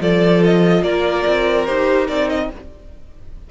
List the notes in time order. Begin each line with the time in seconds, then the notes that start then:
0.00 F3 F4 A4 D5
0.44 D#5
0.83 A#3 A#4 D5
1.27 C4
1.66 D#4 G4 C5
2.09 C4 D#4 D5
2.29 D#5